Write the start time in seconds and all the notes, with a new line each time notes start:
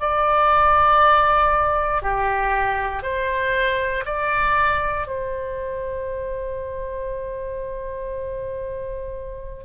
0.00 D5
2.02 G4
3.03 C5
4.05 D5
5.07 C5